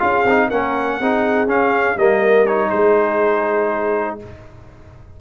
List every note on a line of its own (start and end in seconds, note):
0.00 0.25 C#4
0.00 0.25 F4
0.00 0.48 G#4
0.00 0.49 F5
0.25 0.50 C4
0.25 0.52 D#4
0.48 1.00 A#3
0.48 1.02 C#4
0.48 0.97 A#4
0.48 1.49 F#5
1.00 1.47 C4
1.00 1.48 D#4
1.00 1.98 G#4
1.47 1.96 C#4
1.47 1.97 C#4
1.47 1.98 F5
1.97 2.71 G3
1.97 2.47 A#3
1.97 2.70 A#4
1.97 2.47 D#5
2.47 4.20 D#4
2.47 2.70 C#5
2.70 4.21 G#3
2.70 4.18 G#4
2.70 4.18 C5